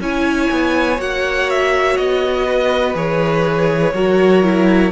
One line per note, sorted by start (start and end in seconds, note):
0.00 0.49 C#4
0.00 0.98 E4
0.00 2.47 C#5
0.00 1.01 G#5
0.52 0.99 B3
0.98 1.97 A#3
0.98 2.94 F#4
0.98 1.50 F#5
1.50 1.97 E5
1.97 2.95 B3
1.97 2.95 D#5
2.47 3.94 B4
2.94 3.93 E3
2.94 3.93 G#4
2.94 4.92 C#5
3.94 4.92 F#3
3.94 4.43 F#4
3.94 4.92 A#4
4.43 4.92 E4